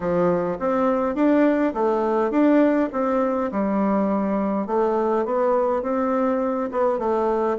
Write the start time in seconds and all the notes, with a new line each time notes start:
0.00 F3
0.59 C4
1.15 D4
1.73 A3
2.31 D4
2.92 C4
3.51 G3
4.67 A3
5.25 B3
5.82 C4
6.71 B3
6.98 A3